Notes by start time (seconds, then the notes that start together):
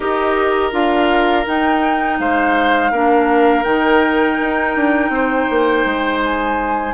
0.00 D#4 G4 A#4 D#5
0.72 D4 F4 F5
1.46 D#4 G5
2.19 G#3 C5 F5
2.91 A#3 D4 A#4
3.63 D#3 D#4 G5
4.40 D#4
4.76 D4
5.09 C4 C5
5.50 A#3
5.85 G#3
6.23 G#5